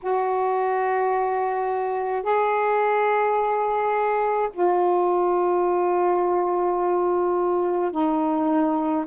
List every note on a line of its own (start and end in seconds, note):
0.02 2.22 F#4
2.22 4.49 G#4
4.53 7.91 F4
7.91 9.05 D#4